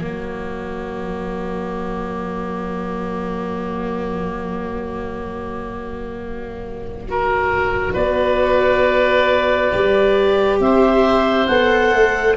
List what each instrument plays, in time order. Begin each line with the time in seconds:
0.00 tuba F#3, viola A#3, oboe F#4, clarinet C#5
7.08 viola F#4, oboe A#4
7.93 tuba B3, oboe B4, clarinet D5
9.71 tuba G3, viola G4
10.60 tuba C4, oboe C5, clarinet E5
11.47 tuba B3, viola A4, clarinet F#5
11.92 tuba A3